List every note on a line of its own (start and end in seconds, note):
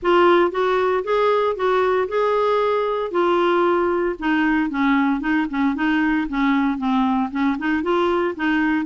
0.02 0.51 F4
0.51 1.03 F#4
1.04 1.55 G#4
1.55 2.08 F#4
2.08 3.11 G#4
3.11 4.15 F4
4.19 4.70 D#4
4.70 5.20 C#4
5.20 5.46 D#4
5.50 5.75 C#4
5.75 6.27 D#4
6.28 6.78 C#4
6.78 7.30 C4
7.31 7.57 C#4
7.58 7.82 D#4
7.82 8.35 F4
8.35 8.85 D#4